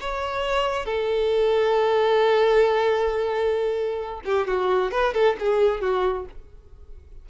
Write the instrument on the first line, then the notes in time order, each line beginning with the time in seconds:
violin
0.00 C#5
0.85 A4
4.25 G4
4.47 F#4
4.91 B4
5.14 A4
5.39 G#4
5.80 F#4